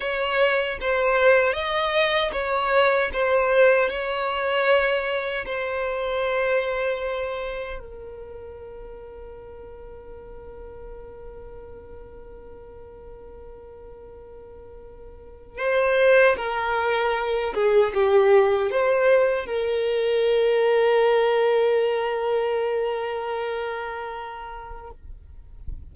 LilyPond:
\new Staff \with { instrumentName = "violin" } { \time 4/4 \tempo 4 = 77 cis''4 c''4 dis''4 cis''4 | c''4 cis''2 c''4~ | c''2 ais'2~ | ais'1~ |
ais'1 | c''4 ais'4. gis'8 g'4 | c''4 ais'2.~ | ais'1 | }